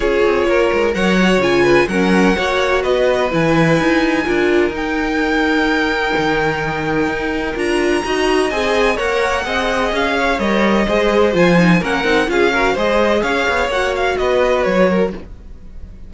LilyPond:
<<
  \new Staff \with { instrumentName = "violin" } { \time 4/4 \tempo 4 = 127 cis''2 fis''4 gis''4 | fis''2 dis''4 gis''4~ | gis''2 g''2~ | g''1 |
ais''2 gis''4 fis''4~ | fis''4 f''4 dis''2 | gis''4 fis''4 f''4 dis''4 | f''4 fis''8 f''8 dis''4 cis''4 | }
  \new Staff \with { instrumentName = "violin" } { \time 4/4 gis'4 ais'4 cis''4. b'8 | ais'4 cis''4 b'2~ | b'4 ais'2.~ | ais'1~ |
ais'4 dis''2 cis''4 | dis''4. cis''4. c''4~ | c''4 ais'4 gis'8 ais'8 c''4 | cis''2 b'4. ais'8 | }
  \new Staff \with { instrumentName = "viola" } { \time 4/4 f'2 ais'8 fis'8 f'4 | cis'4 fis'2 e'4~ | e'4 f'4 dis'2~ | dis'1 |
f'4 fis'4 gis'4 ais'4 | gis'2 ais'4 gis'4 | f'8 dis'8 cis'8 dis'8 f'8 fis'8 gis'4~ | gis'4 fis'2. | }
  \new Staff \with { instrumentName = "cello" } { \time 4/4 cis'8 c'8 ais8 gis8 fis4 cis4 | fis4 ais4 b4 e4 | dis'4 d'4 dis'2~ | dis'4 dis2 dis'4 |
d'4 dis'4 c'4 ais4 | c'4 cis'4 g4 gis4 | f4 ais8 c'8 cis'4 gis4 | cis'8 b8 ais4 b4 fis4 | }
>>